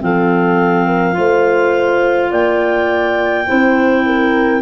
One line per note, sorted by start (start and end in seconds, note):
0.00 1.17 F3
0.00 1.13 C4
0.00 0.87 A4
0.00 2.31 F5
0.87 1.16 A#4
1.13 2.31 A3
1.13 3.44 F4
1.13 2.31 C5
2.31 3.46 A#3
2.31 3.46 D5
2.31 4.61 G5
3.47 4.61 C4
3.47 4.61 E4
3.47 4.04 C5
4.06 4.61 A#4